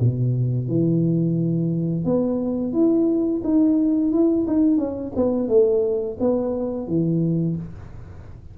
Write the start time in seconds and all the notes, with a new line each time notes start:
0.00 B2
0.68 E3
2.05 B3
2.73 E4
3.44 D#4
4.12 E4
4.47 D#4
4.78 C#4
5.16 B3
5.49 A3
6.20 B3
6.87 E3